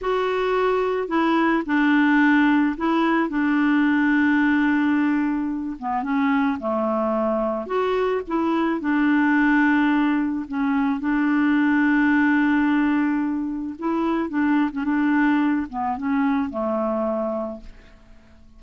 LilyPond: \new Staff \with { instrumentName = "clarinet" } { \time 4/4 \tempo 4 = 109 fis'2 e'4 d'4~ | d'4 e'4 d'2~ | d'2~ d'8 b8 cis'4 | a2 fis'4 e'4 |
d'2. cis'4 | d'1~ | d'4 e'4 d'8. cis'16 d'4~ | d'8 b8 cis'4 a2 | }